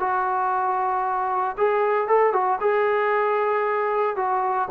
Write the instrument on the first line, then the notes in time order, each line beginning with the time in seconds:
trombone
0.00 F#4
1.58 G#4
2.08 A4
2.33 F#4
2.61 G#4
4.16 F#4